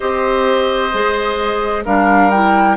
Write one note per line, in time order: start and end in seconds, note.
0.00 0.93 C4
0.00 0.92 G4
0.00 1.84 C5
0.00 1.83 D#5
0.92 1.86 G#3
0.92 1.85 G#4
1.85 2.77 G3
1.85 2.31 D4
1.85 2.77 A#4
1.85 2.30 F5
2.30 2.77 E4
2.30 2.76 G5